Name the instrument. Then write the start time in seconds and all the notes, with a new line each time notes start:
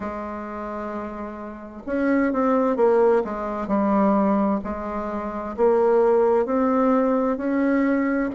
bassoon
0.00 G#3
1.86 C#4
2.32 C4
2.76 A#3
3.24 G#3
3.67 G3
4.64 G#3
5.56 A#3
6.45 C4
7.37 C#4